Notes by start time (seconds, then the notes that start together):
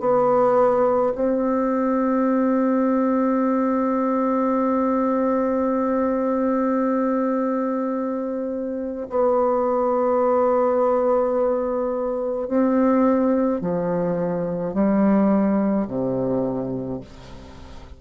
0.00 B3
1.15 C4
9.10 B3
12.48 C4
13.61 F3
14.74 G3
15.87 C3